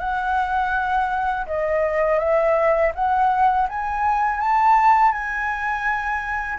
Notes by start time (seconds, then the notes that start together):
0.00 F#5
1.47 D#5
2.19 E5
2.95 F#5
3.69 G#5
4.41 A5
5.12 G#5